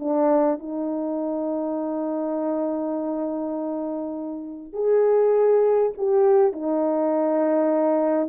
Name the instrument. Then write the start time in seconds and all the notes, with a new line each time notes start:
horn
0.00 D4
0.59 D#4
4.74 G#4
5.98 G4
6.53 D#4